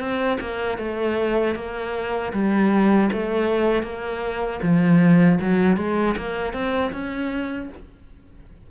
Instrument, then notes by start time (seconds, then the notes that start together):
cello
0.00 C4
0.41 A#3
0.78 A3
1.56 A#3
2.33 G3
3.13 A3
3.83 A#3
4.63 F3
5.41 F#3
5.77 G#3
6.17 A#3
6.53 C4
6.92 C#4